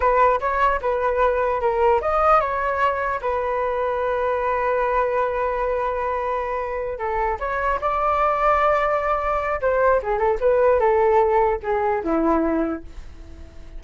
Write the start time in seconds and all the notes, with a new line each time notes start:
0.00 B4
0.40 C#5
0.81 B4
1.61 A#4
2.01 D#5
2.40 C#5
3.21 B4
6.98 A4
7.39 C#5
7.80 D5
9.61 C5
10.02 G#4
10.18 A4
10.40 B4
10.79 A4
11.62 G#4
12.03 E4